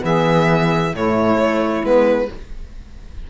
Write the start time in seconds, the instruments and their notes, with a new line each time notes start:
0.00 cello E3, saxophone B3 G#4, violin E5
0.93 cello A2, saxophone A3 E4, violin C#5
1.37 cello A3
1.83 cello G#3, saxophone B3, violin B4